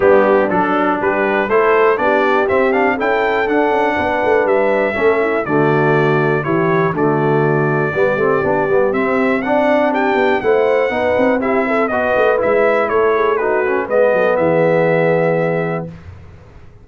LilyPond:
<<
  \new Staff \with { instrumentName = "trumpet" } { \time 4/4 \tempo 4 = 121 g'4 a'4 b'4 c''4 | d''4 e''8 f''8 g''4 fis''4~ | fis''4 e''2 d''4~ | d''4 cis''4 d''2~ |
d''2 e''4 fis''4 | g''4 fis''2 e''4 | dis''4 e''4 cis''4 b'4 | dis''4 e''2. | }
  \new Staff \with { instrumentName = "horn" } { \time 4/4 d'2 g'4 a'4 | g'2 a'2 | b'2 a'8 e'8 fis'4~ | fis'4 g'4 fis'2 |
g'2. d''4 | g'4 c''4 b'4 g'8 a'8 | b'2 a'8 gis'8 fis'4 | b'8 a'8 gis'2. | }
  \new Staff \with { instrumentName = "trombone" } { \time 4/4 b4 d'2 e'4 | d'4 c'8 d'8 e'4 d'4~ | d'2 cis'4 a4~ | a4 e'4 a2 |
b8 c'8 d'8 b8 c'4 d'4~ | d'4 e'4 dis'4 e'4 | fis'4 e'2 dis'8 cis'8 | b1 | }
  \new Staff \with { instrumentName = "tuba" } { \time 4/4 g4 fis4 g4 a4 | b4 c'4 cis'4 d'8 cis'8 | b8 a8 g4 a4 d4~ | d4 e4 d2 |
g8 a8 b8 g8 c'2~ | c'8 b8 a4 b8 c'4. | b8 a8 gis4 a2 | gis8 fis8 e2. | }
>>